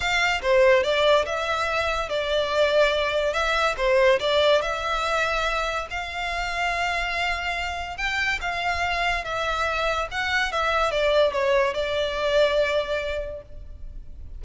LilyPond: \new Staff \with { instrumentName = "violin" } { \time 4/4 \tempo 4 = 143 f''4 c''4 d''4 e''4~ | e''4 d''2. | e''4 c''4 d''4 e''4~ | e''2 f''2~ |
f''2. g''4 | f''2 e''2 | fis''4 e''4 d''4 cis''4 | d''1 | }